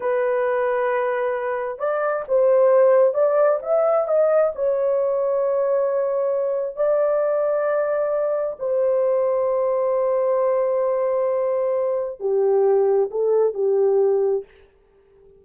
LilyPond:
\new Staff \with { instrumentName = "horn" } { \time 4/4 \tempo 4 = 133 b'1 | d''4 c''2 d''4 | e''4 dis''4 cis''2~ | cis''2. d''4~ |
d''2. c''4~ | c''1~ | c''2. g'4~ | g'4 a'4 g'2 | }